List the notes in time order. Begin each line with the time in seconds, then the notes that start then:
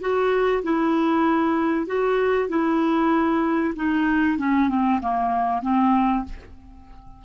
0.00 F#4
0.63 E4
1.86 F#4
2.49 E4
3.76 D#4
4.38 C#4
4.68 C4
5.01 A#3
5.62 C4